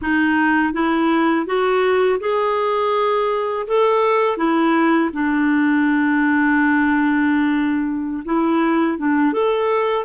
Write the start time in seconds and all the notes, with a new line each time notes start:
0.01 D#4
0.73 E4
1.46 F#4
2.20 G#4
3.67 A4
4.37 E4
5.12 D4
8.24 E4
8.98 D4
9.33 A4